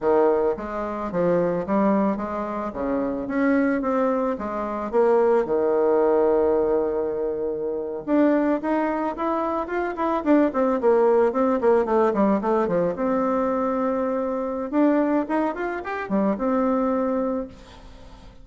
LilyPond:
\new Staff \with { instrumentName = "bassoon" } { \time 4/4 \tempo 4 = 110 dis4 gis4 f4 g4 | gis4 cis4 cis'4 c'4 | gis4 ais4 dis2~ | dis2~ dis8. d'4 dis'16~ |
dis'8. e'4 f'8 e'8 d'8 c'8 ais16~ | ais8. c'8 ais8 a8 g8 a8 f8 c'16~ | c'2. d'4 | dis'8 f'8 g'8 g8 c'2 | }